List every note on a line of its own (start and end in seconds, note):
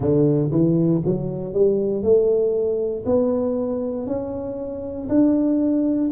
0.00 0.50 D3
0.51 1.02 E3
1.05 1.53 F#3
1.53 2.02 G3
2.02 3.04 A3
3.05 4.06 B3
4.06 5.08 C#4
5.08 6.10 D4